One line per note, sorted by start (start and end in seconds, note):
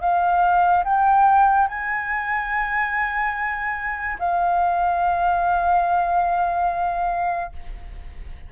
0.00 0.83 F5
0.84 1.67 G5
1.67 4.17 G#5
4.19 7.52 F5